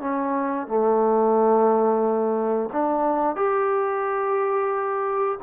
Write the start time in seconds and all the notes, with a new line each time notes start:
0.00 C#4
0.67 A3
2.72 D4
3.36 G4